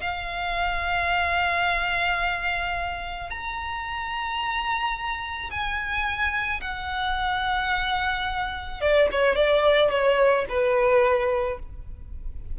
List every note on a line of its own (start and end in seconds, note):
0.00 3.30 F5
3.30 5.50 A#5
5.50 6.60 G#5
6.61 8.80 F#5
8.80 9.08 D5
9.11 9.35 C#5
9.35 9.90 D5
9.90 10.45 C#5
10.49 11.59 B4